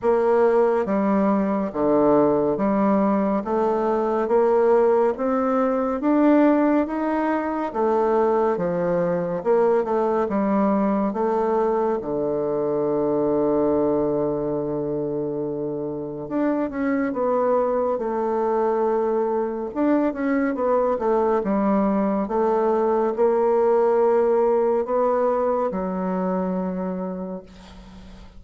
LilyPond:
\new Staff \with { instrumentName = "bassoon" } { \time 4/4 \tempo 4 = 70 ais4 g4 d4 g4 | a4 ais4 c'4 d'4 | dis'4 a4 f4 ais8 a8 | g4 a4 d2~ |
d2. d'8 cis'8 | b4 a2 d'8 cis'8 | b8 a8 g4 a4 ais4~ | ais4 b4 fis2 | }